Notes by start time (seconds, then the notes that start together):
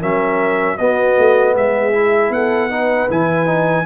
0.00 F#3 C#4 A#4 E5
0.77 B3 F#4 D#5
1.18 A3
1.55 G#3 G#4 E5
1.93 E4
2.30 B3 A4 F#5
2.70 D#4 B4
3.09 E3 E4 G#5
3.45 D#4